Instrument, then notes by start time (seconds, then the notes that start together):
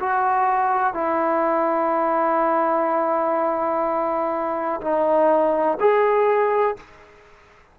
trombone
0.00 F#4
0.94 E4
4.82 D#4
5.80 G#4